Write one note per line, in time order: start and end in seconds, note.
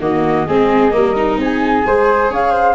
0.00 0.46 D#3
0.00 0.47 A#3
0.00 0.46 F#4
0.00 1.38 D#5
0.48 0.94 G#3
0.48 0.92 C4
0.48 0.93 G#4
0.92 1.38 G3
0.92 1.14 A#3
0.92 1.40 A#4
1.17 1.85 D#4
1.38 1.83 C4
1.38 1.87 G#4
1.38 2.32 G#5
1.87 2.31 G#3
1.87 2.75 G#4
1.87 2.31 C5
2.31 2.75 C#4
2.31 2.52 C#5
2.31 2.75 F5
2.52 2.75 C5